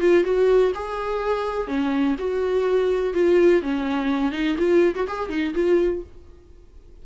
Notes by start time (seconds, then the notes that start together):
0.00 F4
0.23 F#4
0.74 G#4
1.67 C#4
2.18 F#4
3.13 F4
3.62 C#4
4.32 D#4
4.58 F4
4.95 F#4
5.07 G#4
5.29 D#4
5.54 F4